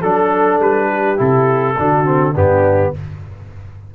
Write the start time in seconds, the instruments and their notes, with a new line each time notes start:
0.00 tuba F#3, trombone D4, horn A4, trumpet A4
0.59 tuba G3, trumpet B4
0.89 horn G4
1.17 tuba C3, trombone E4, trumpet A4
1.79 tuba D3, trombone D4, horn F#4
2.05 trombone C4
2.33 tuba G2, trombone B3, horn D4, trumpet G4